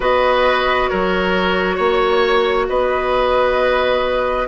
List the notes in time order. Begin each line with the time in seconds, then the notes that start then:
0.00 B3 F#4 B4 D#5
0.88 F#3 A#4 C#5
1.76 A#3 C#5
2.68 B3 B4 D#5